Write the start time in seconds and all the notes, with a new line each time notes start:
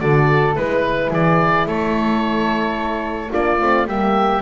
0.00 D3 F#4 A4 D5
0.54 G#3 E4 B4
1.10 E3 G#4 D5
1.66 A3 A4 C#5
3.31 A#3 D4 F4 D5
3.60 A3 C4
3.87 G3 A#3 G4 E5